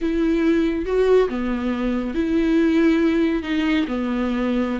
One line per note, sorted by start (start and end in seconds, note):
0.01 0.85 E4
0.85 1.28 F#4
1.28 2.14 B3
2.14 3.43 E4
3.43 3.86 D#4
3.87 4.79 B3